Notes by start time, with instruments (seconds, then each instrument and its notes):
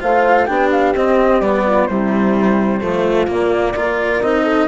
0.00 bassoon A3, cello F4, horn C5, flute F5
0.46 bassoon B3, cello D4, horn G4, flute G5
0.71 flute F5
0.94 bassoon C4, cello C4, flute D#5
1.40 bassoon G3, cello B3, flute D5
1.66 horn F4
1.86 bassoon C3, cello G3, horn E4, flute C5
2.81 bassoon F3, cello A3, horn F4
3.27 bassoon A#2, cello A#3, flute D5
3.76 bassoon A#3, cello F4, horn A#4
4.21 bassoon C4, cello D#4, flute D#5
4.44 horn A4